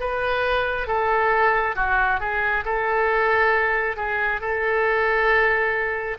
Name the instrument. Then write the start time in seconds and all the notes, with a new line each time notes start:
oboe
0.00 B4
0.87 A4
1.76 F#4
2.20 G#4
2.65 A4
3.97 G#4
4.41 A4